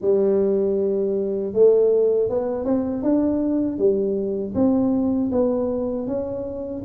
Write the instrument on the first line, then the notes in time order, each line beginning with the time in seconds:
tuba
0.01 G3
1.53 A3
2.29 B3
2.64 C4
3.02 D4
3.78 G3
4.54 C4
5.31 B3
6.07 C#4